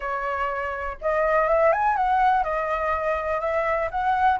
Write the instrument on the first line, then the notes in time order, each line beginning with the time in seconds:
flute
0.00 C#5
1.01 D#5
1.47 E5
1.72 G#5
1.96 F#5
2.43 D#5
3.40 E5
3.90 F#5